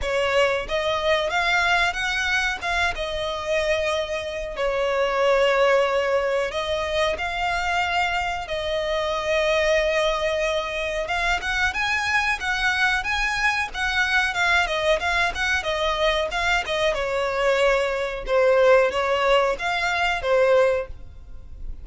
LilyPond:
\new Staff \with { instrumentName = "violin" } { \time 4/4 \tempo 4 = 92 cis''4 dis''4 f''4 fis''4 | f''8 dis''2~ dis''8 cis''4~ | cis''2 dis''4 f''4~ | f''4 dis''2.~ |
dis''4 f''8 fis''8 gis''4 fis''4 | gis''4 fis''4 f''8 dis''8 f''8 fis''8 | dis''4 f''8 dis''8 cis''2 | c''4 cis''4 f''4 c''4 | }